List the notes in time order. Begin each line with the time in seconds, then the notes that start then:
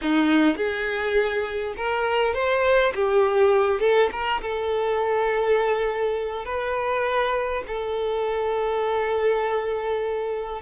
0.01 D#4
0.56 G#4
1.76 A#4
2.34 C5
2.94 G4
3.80 A4
4.11 A#4
4.41 A4
6.45 B4
7.67 A4